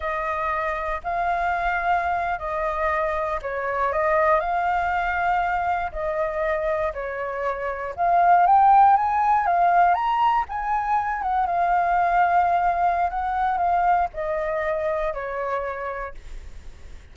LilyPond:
\new Staff \with { instrumentName = "flute" } { \time 4/4 \tempo 4 = 119 dis''2 f''2~ | f''8. dis''2 cis''4 dis''16~ | dis''8. f''2. dis''16~ | dis''4.~ dis''16 cis''2 f''16~ |
f''8. g''4 gis''4 f''4 ais''16~ | ais''8. gis''4. fis''8 f''4~ f''16~ | f''2 fis''4 f''4 | dis''2 cis''2 | }